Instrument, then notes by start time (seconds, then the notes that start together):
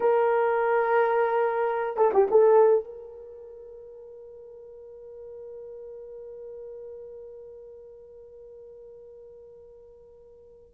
horn
0.00 A#4
1.97 A4
2.13 G4
2.31 A4
2.84 A#4